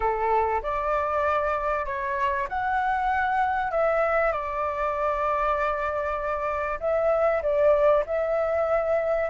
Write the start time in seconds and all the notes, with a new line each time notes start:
0.00 A4
0.62 D5
1.85 C#5
2.48 F#5
3.71 E5
4.32 D5
6.80 E5
7.42 D5
8.06 E5